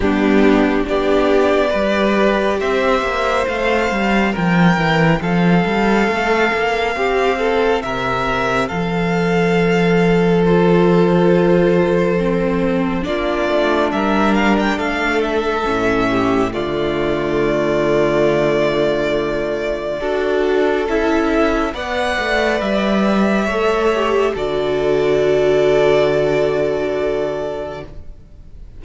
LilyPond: <<
  \new Staff \with { instrumentName = "violin" } { \time 4/4 \tempo 4 = 69 g'4 d''2 e''4 | f''4 g''4 f''2~ | f''4 e''4 f''2 | c''2. d''4 |
e''8 f''16 g''16 f''8 e''4. d''4~ | d''1 | e''4 fis''4 e''2 | d''1 | }
  \new Staff \with { instrumentName = "violin" } { \time 4/4 d'4 g'4 b'4 c''4~ | c''4 ais'4 a'2 | g'8 a'8 ais'4 a'2~ | a'2. f'4 |
ais'4 a'4. g'8 f'4~ | f'2. a'4~ | a'4 d''2 cis''4 | a'1 | }
  \new Staff \with { instrumentName = "viola" } { \time 4/4 b4 d'4 g'2 | c'1~ | c'1 | f'2 c'4 d'4~ |
d'2 cis'4 a4~ | a2. fis'4 | e'4 b'2 a'8 g'8 | fis'1 | }
  \new Staff \with { instrumentName = "cello" } { \time 4/4 g4 b4 g4 c'8 ais8 | a8 g8 f8 e8 f8 g8 a8 ais8 | c'4 c4 f2~ | f2. ais8 a8 |
g4 a4 a,4 d4~ | d2. d'4 | cis'4 b8 a8 g4 a4 | d1 | }
>>